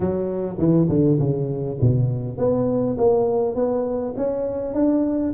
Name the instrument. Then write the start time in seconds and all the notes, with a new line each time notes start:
tuba
0.00 F#3
0.58 E3
0.88 D3
1.19 C#3
1.81 B2
2.37 B3
2.97 A#3
3.55 B3
4.17 C#4
4.74 D4